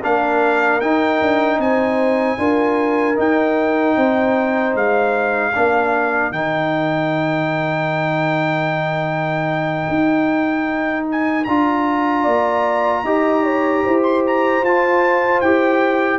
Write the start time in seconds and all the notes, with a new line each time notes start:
0.00 A#3 D4 A#4 F5
0.80 D#4 G5
1.21 D4
1.58 C4 C5 G#5
2.37 D4 F4 A#4
3.15 D#4 G5
3.96 C4 C5
4.74 G#3 F5
5.52 A#3 D4 A#4
6.30 D#3 D#4 G5
9.88 D#4
11.11 G#5
11.44 D4 F4 A#5
12.22 A#3 D5
13.03 D#4 G4 D#5
13.43 C#5
13.83 E4 C5
14.02 C6
14.26 A#5
14.61 F4 A5
15.40 E4 G4 G5